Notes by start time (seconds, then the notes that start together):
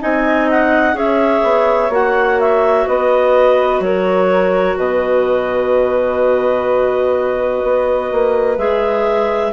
0.00 C4 D#4 D#5 G#5
0.50 F#5
0.93 C#4 G#4 C#5 E5
1.43 B3
1.89 A#3 F#4 F#5
2.40 E5
2.87 B3 B4 D#5
3.80 F#3 A#4 C#5
4.77 B2 B4 D#5
7.63 B3
8.12 A#3
8.58 G#3 G#4 E5